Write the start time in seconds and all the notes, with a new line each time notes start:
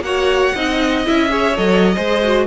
0.00 A#3 F#4 C#5 F#5
0.55 C4 D#4 D#5
1.04 C#4 E4 E5
1.28 G#4 C#5
1.56 F#3 A4 D#5
1.95 G#3 G#4 C5
2.23 F#4